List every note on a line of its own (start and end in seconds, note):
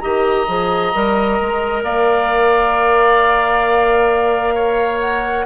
0.00 0.48 D#3
0.00 0.47 G4
0.00 1.84 D#5
0.00 1.82 A#5
0.48 0.94 F3
0.48 0.94 G#4
0.95 1.40 G3
0.95 5.46 A#4
1.42 1.83 G#3
1.83 5.46 A#3
1.83 4.55 D5
1.83 5.01 F5
4.55 5.46 C#5
5.01 5.46 F#5